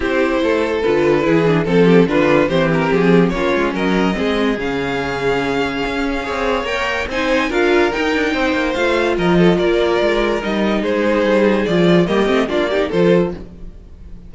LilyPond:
<<
  \new Staff \with { instrumentName = "violin" } { \time 4/4 \tempo 4 = 144 c''2 b'2 | a'4 b'4 c''8 ais'8 gis'4 | cis''4 dis''2 f''4~ | f''1 |
g''4 gis''4 f''4 g''4~ | g''4 f''4 dis''4 d''4~ | d''4 dis''4 c''2 | d''4 dis''4 d''4 c''4 | }
  \new Staff \with { instrumentName = "violin" } { \time 4/4 g'4 a'2 gis'4 | a'8 g'8 f'4 g'2 | f'4 ais'4 gis'2~ | gis'2. cis''4~ |
cis''4 c''4 ais'2 | c''2 ais'8 a'8 ais'4~ | ais'2 gis'2~ | gis'4 g'4 f'8 g'8 a'4 | }
  \new Staff \with { instrumentName = "viola" } { \time 4/4 e'2 f'4 e'8 d'8 | c'4 d'4 c'2 | cis'2 c'4 cis'4~ | cis'2. gis'4 |
ais'4 dis'4 f'4 dis'4~ | dis'4 f'2.~ | f'4 dis'2. | f'4 ais8 c'8 d'8 dis'8 f'4 | }
  \new Staff \with { instrumentName = "cello" } { \time 4/4 c'4 a4 d4 e4 | f4 d4 e4 f4 | ais8 gis8 fis4 gis4 cis4~ | cis2 cis'4 c'4 |
ais4 c'4 d'4 dis'8 d'8 | c'8 ais8 a4 f4 ais4 | gis4 g4 gis4 g4 | f4 g8 a8 ais4 f4 | }
>>